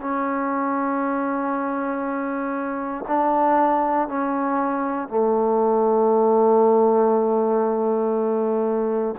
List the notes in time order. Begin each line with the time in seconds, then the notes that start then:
0.00 C#4
3.08 D4
4.08 C#4
5.08 A3